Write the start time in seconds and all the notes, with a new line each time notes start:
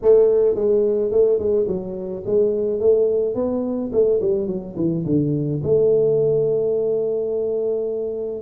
0.02 A3
0.55 G#3
1.11 A3
1.38 G#3
1.67 F#3
2.26 G#3
2.80 A3
3.35 B3
3.92 A3
4.21 G3
4.47 F#3
4.76 E3
5.05 D3
5.63 A3